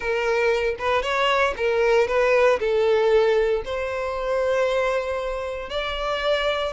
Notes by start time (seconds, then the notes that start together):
0.00 A#4
0.78 B4
1.02 C#5
1.56 A#4
2.07 B4
2.59 A4
3.64 C5
5.69 D5